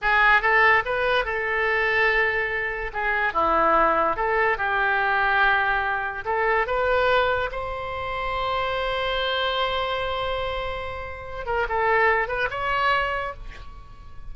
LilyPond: \new Staff \with { instrumentName = "oboe" } { \time 4/4 \tempo 4 = 144 gis'4 a'4 b'4 a'4~ | a'2. gis'4 | e'2 a'4 g'4~ | g'2. a'4 |
b'2 c''2~ | c''1~ | c''2.~ c''8 ais'8 | a'4. b'8 cis''2 | }